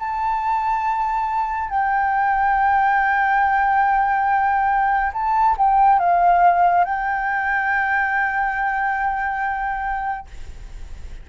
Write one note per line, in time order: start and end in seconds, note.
0.00 1.70 A5
1.70 5.13 G5
5.14 5.56 A5
5.58 6.00 G5
6.00 6.85 F5
6.85 10.28 G5